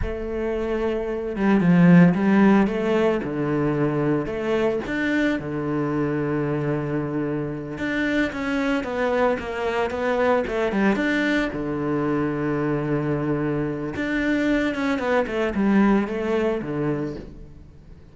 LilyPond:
\new Staff \with { instrumentName = "cello" } { \time 4/4 \tempo 4 = 112 a2~ a8 g8 f4 | g4 a4 d2 | a4 d'4 d2~ | d2~ d8 d'4 cis'8~ |
cis'8 b4 ais4 b4 a8 | g8 d'4 d2~ d8~ | d2 d'4. cis'8 | b8 a8 g4 a4 d4 | }